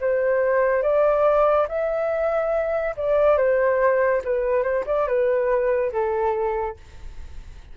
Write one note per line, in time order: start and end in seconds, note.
0.00 0.83 C5
0.83 1.67 D5
1.68 2.95 E5
2.97 3.38 D5
3.38 4.22 C5
4.24 4.63 B4
4.63 4.84 C5
4.86 5.07 D5
5.07 5.92 B4
5.92 6.77 A4